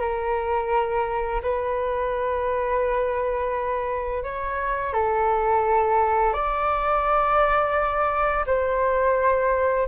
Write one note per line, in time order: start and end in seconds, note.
0.00 1.41 A#4
1.42 4.23 B4
4.23 4.93 C#5
4.93 6.33 A4
6.33 8.45 D5
8.47 9.88 C5